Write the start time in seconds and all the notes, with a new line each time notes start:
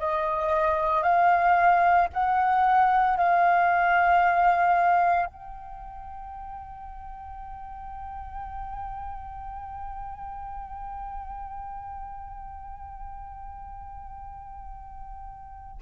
0.00 D#5
1.03 F5
2.13 F#5
3.18 F5
5.26 G5